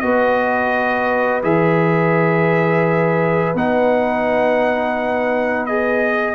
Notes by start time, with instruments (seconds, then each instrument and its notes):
0.00 tuba B3, trombone F#4, horn B4, trumpet D#5
1.43 tuba E3, trombone G#4, trumpet E5
3.54 tuba B3, trombone D#4, trumpet F#5
5.66 trombone G#4, trumpet D#5